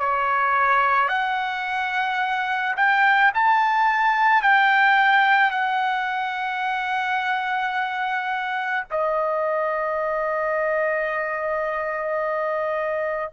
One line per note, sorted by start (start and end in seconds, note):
0.00 1.09 C#5
1.09 2.76 F#5
2.77 3.32 G5
3.35 4.43 A5
4.43 5.52 G5
5.52 8.85 F#5
8.91 13.33 D#5